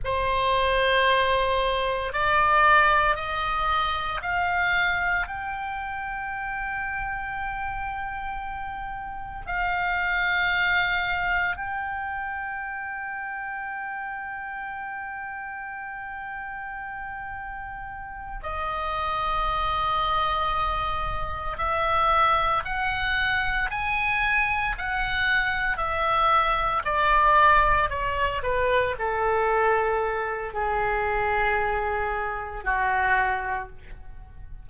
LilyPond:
\new Staff \with { instrumentName = "oboe" } { \time 4/4 \tempo 4 = 57 c''2 d''4 dis''4 | f''4 g''2.~ | g''4 f''2 g''4~ | g''1~ |
g''4. dis''2~ dis''8~ | dis''8 e''4 fis''4 gis''4 fis''8~ | fis''8 e''4 d''4 cis''8 b'8 a'8~ | a'4 gis'2 fis'4 | }